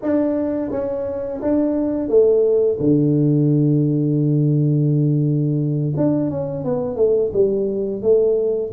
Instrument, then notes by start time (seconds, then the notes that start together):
tuba
0.02 D4
0.70 C#4
1.41 D4
2.08 A3
2.79 D3
5.96 D4
6.30 C#4
6.64 B3
6.96 A3
7.33 G3
8.01 A3